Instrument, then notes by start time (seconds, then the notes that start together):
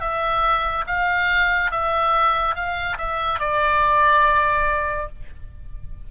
oboe
0.00 E5
0.86 F5
1.71 E5
2.55 F5
2.97 E5
3.39 D5